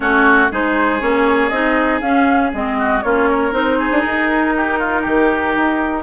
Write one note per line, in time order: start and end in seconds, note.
0.00 0.50 A3
0.00 0.50 C#4
0.00 0.51 F#4
0.00 0.50 C#5
0.51 1.01 G#3
0.51 1.00 D#4
0.51 2.78 G#4
0.51 1.01 C5
1.00 1.50 A#3
1.00 1.50 C#4
1.00 1.49 C#5
1.49 2.01 C4
1.49 2.01 D#4
1.49 1.99 D#5
2.00 2.52 C#4
2.00 2.51 F5
2.53 3.03 G#3
2.53 3.03 C4
2.53 3.02 D#5
2.78 3.03 F#4
3.02 3.52 A#3
3.02 3.51 C#4
3.02 3.29 F4
3.02 3.52 C#5
3.29 3.78 A#4
3.51 3.89 C4
3.51 6.03 D#4
3.51 4.01 C5
3.78 4.54 G#4
3.91 4.03 D4
4.01 5.05 D#4
4.01 6.02 A#4
4.56 4.79 G4
4.79 5.01 F4
5.01 5.55 D#3
5.01 6.02 G4
5.55 6.03 D#4